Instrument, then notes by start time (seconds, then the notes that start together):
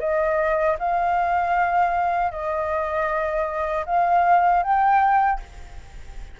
flute
0.00 D#5
0.79 F5
2.31 D#5
3.86 F5
4.63 G5